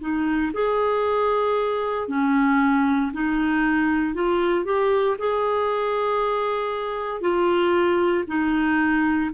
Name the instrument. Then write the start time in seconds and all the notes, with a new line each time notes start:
clarinet
0.00 D#4
0.54 G#4
2.08 C#4
3.13 D#4
4.14 F4
4.65 G4
5.18 G#4
7.21 F4
8.27 D#4